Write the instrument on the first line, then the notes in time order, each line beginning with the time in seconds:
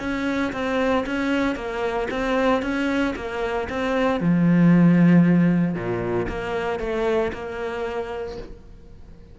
cello
0.00 C#4
0.53 C4
1.06 C#4
1.56 A#3
2.11 C4
2.62 C#4
3.16 A#3
3.69 C4
4.20 F3
5.75 A#2
6.29 A#3
6.80 A3
7.33 A#3